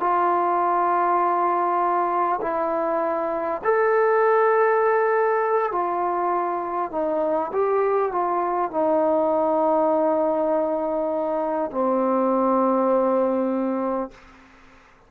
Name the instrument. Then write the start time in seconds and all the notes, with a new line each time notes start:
trombone
0.00 F4
2.42 E4
3.64 A4
5.72 F4
6.92 D#4
7.53 G4
8.12 F4
8.71 D#4
11.72 C4